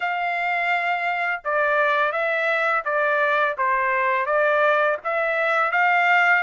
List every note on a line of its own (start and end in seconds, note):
0.00 1.41 F5
1.44 2.11 D5
2.11 2.83 E5
2.84 3.56 D5
3.57 4.26 C5
4.26 4.97 D5
5.04 5.71 E5
5.71 6.43 F5